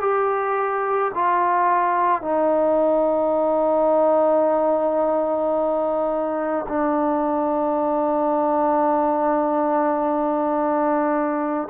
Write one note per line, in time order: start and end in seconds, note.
0.00 1.11 G4
1.14 2.21 F4
2.21 6.66 D#4
6.68 11.68 D4